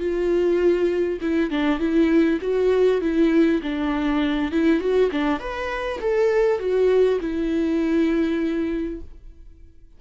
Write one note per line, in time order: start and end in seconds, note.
0.00 1.20 F4
1.21 1.51 E4
1.51 1.80 D4
1.80 2.40 E4
2.41 3.01 F#4
3.02 3.62 E4
3.63 4.52 D4
4.52 4.80 E4
4.80 5.10 F#4
5.12 5.40 D4
5.40 6.00 B4
6.01 6.60 A4
6.60 7.20 F#4
7.21 9.01 E4